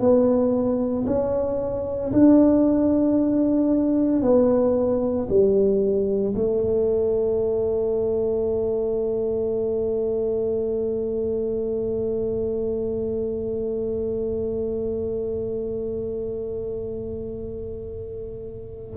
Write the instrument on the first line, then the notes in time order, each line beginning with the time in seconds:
tuba
0.00 B3
1.07 C#4
2.12 D4
4.22 B3
5.29 G3
6.35 A3